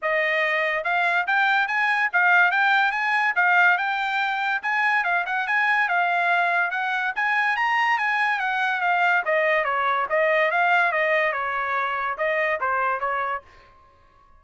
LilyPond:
\new Staff \with { instrumentName = "trumpet" } { \time 4/4 \tempo 4 = 143 dis''2 f''4 g''4 | gis''4 f''4 g''4 gis''4 | f''4 g''2 gis''4 | f''8 fis''8 gis''4 f''2 |
fis''4 gis''4 ais''4 gis''4 | fis''4 f''4 dis''4 cis''4 | dis''4 f''4 dis''4 cis''4~ | cis''4 dis''4 c''4 cis''4 | }